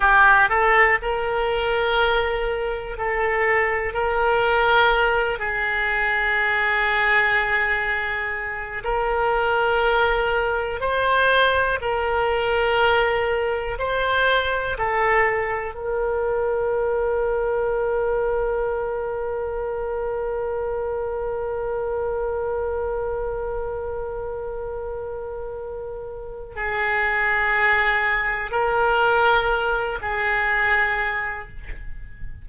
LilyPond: \new Staff \with { instrumentName = "oboe" } { \time 4/4 \tempo 4 = 61 g'8 a'8 ais'2 a'4 | ais'4. gis'2~ gis'8~ | gis'4 ais'2 c''4 | ais'2 c''4 a'4 |
ais'1~ | ais'1~ | ais'2. gis'4~ | gis'4 ais'4. gis'4. | }